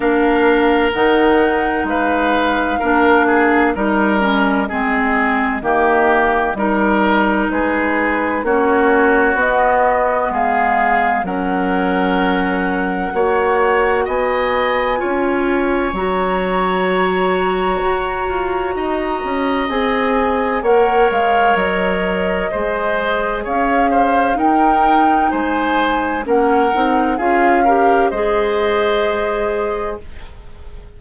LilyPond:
<<
  \new Staff \with { instrumentName = "flute" } { \time 4/4 \tempo 4 = 64 f''4 fis''4 f''2 | dis''1 | b'4 cis''4 dis''4 f''4 | fis''2. gis''4~ |
gis''4 ais''2.~ | ais''4 gis''4 fis''8 f''8 dis''4~ | dis''4 f''4 g''4 gis''4 | fis''4 f''4 dis''2 | }
  \new Staff \with { instrumentName = "oboe" } { \time 4/4 ais'2 b'4 ais'8 gis'8 | ais'4 gis'4 g'4 ais'4 | gis'4 fis'2 gis'4 | ais'2 cis''4 dis''4 |
cis''1 | dis''2 cis''2 | c''4 cis''8 c''8 ais'4 c''4 | ais'4 gis'8 ais'8 c''2 | }
  \new Staff \with { instrumentName = "clarinet" } { \time 4/4 d'4 dis'2 d'4 | dis'8 cis'8 c'4 ais4 dis'4~ | dis'4 cis'4 b2 | cis'2 fis'2 |
f'4 fis'2.~ | fis'4 gis'4 ais'2 | gis'2 dis'2 | cis'8 dis'8 f'8 g'8 gis'2 | }
  \new Staff \with { instrumentName = "bassoon" } { \time 4/4 ais4 dis4 gis4 ais4 | g4 gis4 dis4 g4 | gis4 ais4 b4 gis4 | fis2 ais4 b4 |
cis'4 fis2 fis'8 f'8 | dis'8 cis'8 c'4 ais8 gis8 fis4 | gis4 cis'4 dis'4 gis4 | ais8 c'8 cis'4 gis2 | }
>>